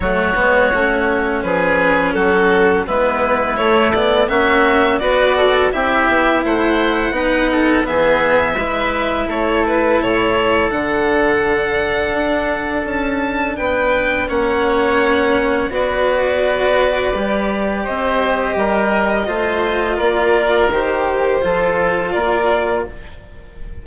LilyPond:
<<
  \new Staff \with { instrumentName = "violin" } { \time 4/4 \tempo 4 = 84 cis''2 b'4 a'4 | b'4 cis''8 d''8 e''4 d''4 | e''4 fis''2 e''4~ | e''4 cis''8 b'8 cis''4 fis''4~ |
fis''2 a''4 g''4 | fis''2 d''2~ | d''4 dis''2. | d''4 c''2 d''4 | }
  \new Staff \with { instrumentName = "oboe" } { \time 4/4 fis'2 gis'4 fis'4 | e'2 fis'4 b'8 a'8 | g'4 c''4 b'8 a'8 gis'4 | b'4 a'2.~ |
a'2. b'4 | cis''2 b'2~ | b'4 c''4 ais'4 c''4 | ais'2 a'4 ais'4 | }
  \new Staff \with { instrumentName = "cello" } { \time 4/4 a8 b8 cis'2. | b4 a8 b8 cis'4 fis'4 | e'2 dis'4 b4 | e'2. d'4~ |
d'1 | cis'2 fis'2 | g'2. f'4~ | f'4 g'4 f'2 | }
  \new Staff \with { instrumentName = "bassoon" } { \time 4/4 fis8 gis8 a4 f4 fis4 | gis4 a4 ais4 b4 | c'8 b8 a4 b4 e4 | gis4 a4 a,4 d4~ |
d4 d'4 cis'4 b4 | ais2 b2 | g4 c'4 g4 a4 | ais4 dis4 f4 ais4 | }
>>